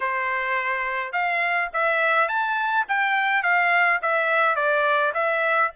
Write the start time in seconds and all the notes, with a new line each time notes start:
0.00 C5
1.12 F5
1.73 E5
2.28 A5
2.88 G5
3.43 F5
4.02 E5
4.55 D5
5.14 E5